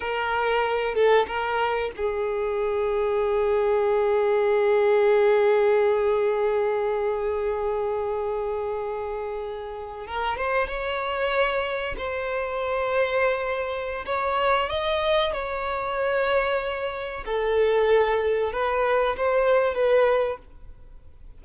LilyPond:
\new Staff \with { instrumentName = "violin" } { \time 4/4 \tempo 4 = 94 ais'4. a'8 ais'4 gis'4~ | gis'1~ | gis'1~ | gis'2.~ gis'8. ais'16~ |
ais'16 c''8 cis''2 c''4~ c''16~ | c''2 cis''4 dis''4 | cis''2. a'4~ | a'4 b'4 c''4 b'4 | }